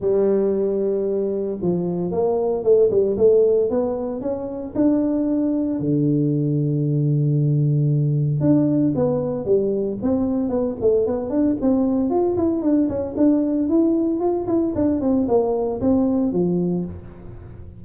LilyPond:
\new Staff \with { instrumentName = "tuba" } { \time 4/4 \tempo 4 = 114 g2. f4 | ais4 a8 g8 a4 b4 | cis'4 d'2 d4~ | d1 |
d'4 b4 g4 c'4 | b8 a8 b8 d'8 c'4 f'8 e'8 | d'8 cis'8 d'4 e'4 f'8 e'8 | d'8 c'8 ais4 c'4 f4 | }